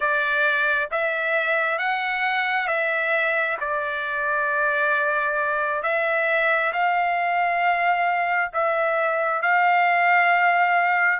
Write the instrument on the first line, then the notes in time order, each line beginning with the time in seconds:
trumpet
0.00 D5
0.91 E5
1.78 F#5
2.67 E5
3.60 D5
5.82 E5
6.72 F5
8.53 E5
9.42 F5